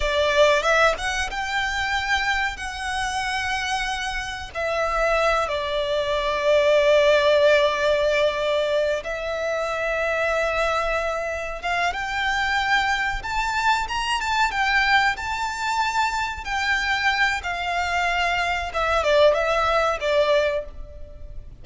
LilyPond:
\new Staff \with { instrumentName = "violin" } { \time 4/4 \tempo 4 = 93 d''4 e''8 fis''8 g''2 | fis''2. e''4~ | e''8 d''2.~ d''8~ | d''2 e''2~ |
e''2 f''8 g''4.~ | g''8 a''4 ais''8 a''8 g''4 a''8~ | a''4. g''4. f''4~ | f''4 e''8 d''8 e''4 d''4 | }